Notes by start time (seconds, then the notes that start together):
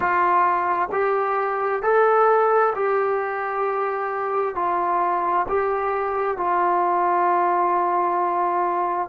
0.00 F4
0.91 G4
1.82 A4
2.75 G4
4.55 F4
5.48 G4
6.37 F4